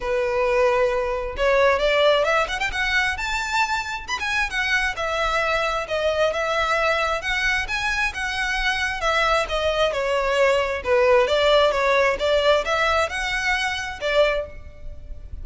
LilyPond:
\new Staff \with { instrumentName = "violin" } { \time 4/4 \tempo 4 = 133 b'2. cis''4 | d''4 e''8 fis''16 g''16 fis''4 a''4~ | a''4 b''16 gis''8. fis''4 e''4~ | e''4 dis''4 e''2 |
fis''4 gis''4 fis''2 | e''4 dis''4 cis''2 | b'4 d''4 cis''4 d''4 | e''4 fis''2 d''4 | }